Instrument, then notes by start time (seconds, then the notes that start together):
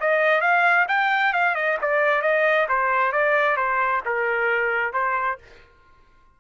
trumpet
0.00 D#5
0.41 F5
0.88 G5
1.33 F5
1.55 D#5
1.81 D5
2.22 D#5
2.68 C5
3.12 D5
3.56 C5
4.05 A#4
4.93 C5